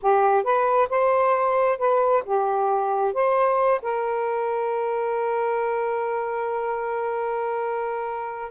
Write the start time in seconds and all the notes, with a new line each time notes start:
0.02 G4
0.43 B4
0.89 C5
1.78 B4
2.25 G4
3.13 C5
3.82 A#4